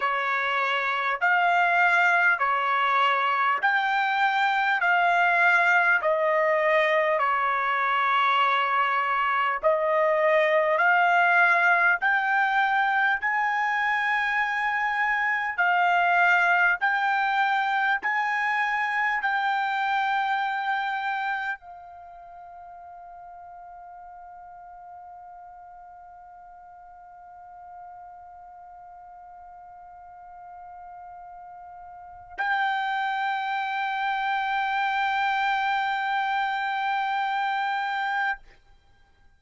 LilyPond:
\new Staff \with { instrumentName = "trumpet" } { \time 4/4 \tempo 4 = 50 cis''4 f''4 cis''4 g''4 | f''4 dis''4 cis''2 | dis''4 f''4 g''4 gis''4~ | gis''4 f''4 g''4 gis''4 |
g''2 f''2~ | f''1~ | f''2. g''4~ | g''1 | }